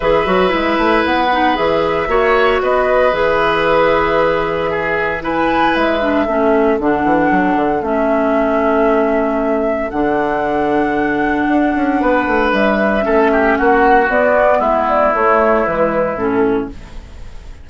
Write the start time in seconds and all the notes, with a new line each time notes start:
0.00 E3 G#4 B4 E5
0.26 F#3 F#4
0.49 G#3 E4
0.78 A3
1.04 B3 F#5
1.32 D#4
1.55 E3 G#4 E5
2.07 A#3 F#4 C#5
2.62 B3 B4 D#5
3.11 E3 G#4 E5
4.70 G#4
5.20 E4 B4 G#5
5.74 G#3 E5
6.00 D4
6.25 A3 C#4 A4
6.79 D3 D4 F#5
7.04 E3
7.30 F#3
7.55 D3
7.81 A3 C#4 E5
9.90 D3 D4 F#5
11.47 D4
11.75 C#4
12.00 B3 B4
12.27 A3
12.52 G3 E5
13.00 A3 C#4 A4
13.32 G4
13.57 A#3 F#4 F#5
14.08 B3 D5
14.58 G#3 E4 E5
14.88 D5
15.13 A3 C#5
15.65 E3 G#3 B4
16.15 A2 C#4 A4